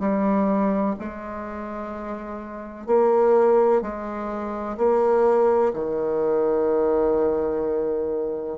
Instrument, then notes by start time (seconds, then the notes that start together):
bassoon
0.00 G3
0.99 G#3
2.87 A#3
3.82 G#3
4.77 A#3
5.74 D#3